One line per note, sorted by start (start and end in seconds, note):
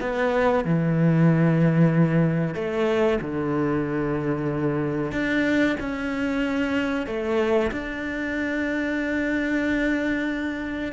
0.00 0.65 B3
0.65 2.54 E3
2.54 3.19 A3
3.21 5.11 D3
5.11 5.76 D4
5.79 7.06 C#4
7.06 7.71 A3
7.71 10.92 D4